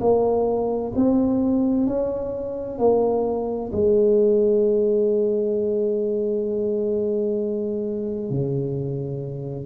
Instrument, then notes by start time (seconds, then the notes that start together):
tuba
0.00 A#3
0.96 C4
1.87 C#4
2.79 A#3
3.73 G#3
8.30 C#3